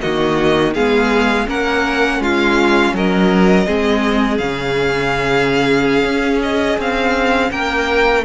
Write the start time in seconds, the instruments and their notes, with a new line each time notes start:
0.00 cello D#3, viola A#3, violin F#4 D#5
0.73 cello G#3, viola B3, violin G#4 F5
1.46 cello A#3, viola C#4, violin A#4 F#5
2.19 cello G#3, violin F4 F5
2.93 cello F#3, violin A#4 D#5
3.66 cello G#3, viola C4, violin G#4
4.37 cello C#3, viola C#4, violin F5
6.04 cello C#4
6.42 violin D#5
6.77 cello C4, violin F5
7.51 cello A#3, violin A#4 G5